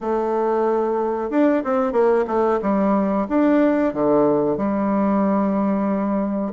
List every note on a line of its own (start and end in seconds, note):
0.00 1.30 A3
1.30 1.62 D4
1.63 1.92 C4
1.92 2.24 A#3
2.27 2.59 A3
2.61 3.27 G3
3.28 3.93 D4
3.93 4.57 D3
4.57 6.52 G3